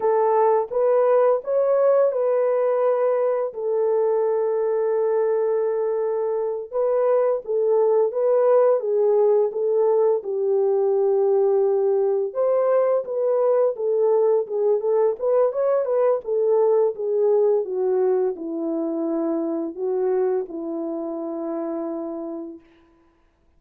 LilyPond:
\new Staff \with { instrumentName = "horn" } { \time 4/4 \tempo 4 = 85 a'4 b'4 cis''4 b'4~ | b'4 a'2.~ | a'4. b'4 a'4 b'8~ | b'8 gis'4 a'4 g'4.~ |
g'4. c''4 b'4 a'8~ | a'8 gis'8 a'8 b'8 cis''8 b'8 a'4 | gis'4 fis'4 e'2 | fis'4 e'2. | }